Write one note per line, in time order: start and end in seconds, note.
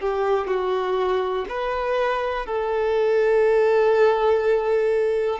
0.00 0.47 G4
0.47 1.45 F#4
1.48 2.46 B4
2.46 5.40 A4